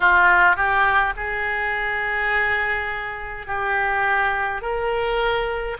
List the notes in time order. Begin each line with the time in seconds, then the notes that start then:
0.00 F4
0.56 G4
1.16 G#4
3.46 G4
4.62 A#4